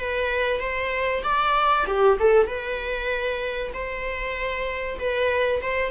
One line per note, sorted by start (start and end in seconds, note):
0.00 0.61 B4
0.61 1.23 C5
1.24 1.86 D5
1.87 2.18 G4
2.20 2.47 A4
2.47 3.72 B4
3.74 4.99 C5
4.99 5.62 B4
5.62 5.91 C5